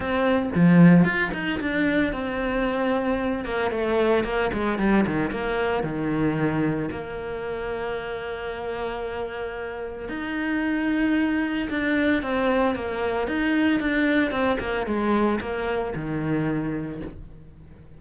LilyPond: \new Staff \with { instrumentName = "cello" } { \time 4/4 \tempo 4 = 113 c'4 f4 f'8 dis'8 d'4 | c'2~ c'8 ais8 a4 | ais8 gis8 g8 dis8 ais4 dis4~ | dis4 ais2.~ |
ais2. dis'4~ | dis'2 d'4 c'4 | ais4 dis'4 d'4 c'8 ais8 | gis4 ais4 dis2 | }